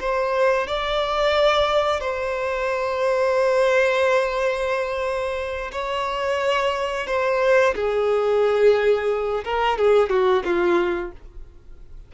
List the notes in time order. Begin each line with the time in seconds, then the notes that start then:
0.00 C5
0.67 D5
2.00 C5
5.72 C#5
7.07 C5
7.75 G#4
9.44 A#4
9.78 G#4
10.09 F#4
10.44 F4